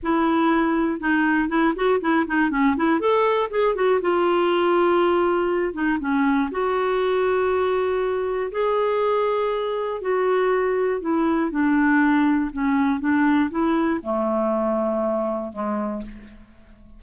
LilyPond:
\new Staff \with { instrumentName = "clarinet" } { \time 4/4 \tempo 4 = 120 e'2 dis'4 e'8 fis'8 | e'8 dis'8 cis'8 e'8 a'4 gis'8 fis'8 | f'2.~ f'8 dis'8 | cis'4 fis'2.~ |
fis'4 gis'2. | fis'2 e'4 d'4~ | d'4 cis'4 d'4 e'4 | a2. gis4 | }